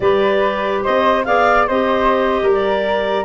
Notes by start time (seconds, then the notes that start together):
0.00 G3 G4 B4 D5
0.83 C4 C5 D#5
1.24 B3 G#4 D5 F5
1.67 C4 G4 C5 D#5
2.42 G3 A#4
2.52 D5